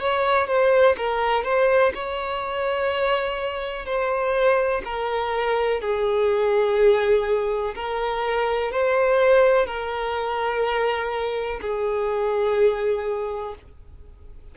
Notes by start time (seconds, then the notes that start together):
0.00 C#5
0.47 C5
0.97 A#4
1.44 C5
1.94 C#5
3.85 C5
4.84 A#4
5.81 G#4
7.75 A#4
8.71 C5
9.66 A#4
11.61 G#4